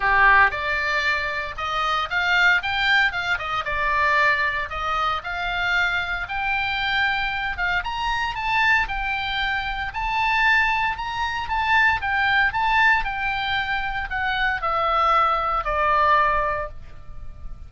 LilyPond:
\new Staff \with { instrumentName = "oboe" } { \time 4/4 \tempo 4 = 115 g'4 d''2 dis''4 | f''4 g''4 f''8 dis''8 d''4~ | d''4 dis''4 f''2 | g''2~ g''8 f''8 ais''4 |
a''4 g''2 a''4~ | a''4 ais''4 a''4 g''4 | a''4 g''2 fis''4 | e''2 d''2 | }